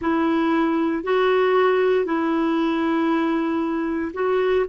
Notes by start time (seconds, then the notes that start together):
0.01 E4
1.03 F#4
2.05 E4
4.13 F#4